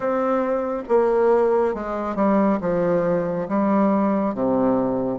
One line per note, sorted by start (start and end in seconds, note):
0.00 0.83 C4
0.88 1.74 A#3
1.74 2.15 G#3
2.15 2.59 G3
2.60 3.47 F3
3.48 4.34 G3
4.34 5.18 C3